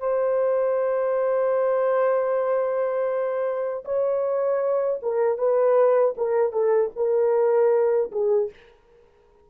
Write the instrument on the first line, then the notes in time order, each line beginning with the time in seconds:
horn
0.00 C5
3.85 C#5
5.03 A#4
5.38 B4
6.17 A#4
6.53 A4
6.96 A#4
8.12 G#4